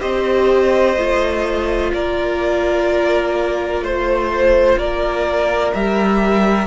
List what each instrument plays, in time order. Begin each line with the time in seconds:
0.00 cello C4, viola G4, violin C5 D#5
0.96 cello A3, viola F4
1.93 cello A#3, violin A#4 D5
3.81 cello A3, violin C5
4.77 cello A#3, violin A#4 D5
5.73 cello G3, viola G4, violin E5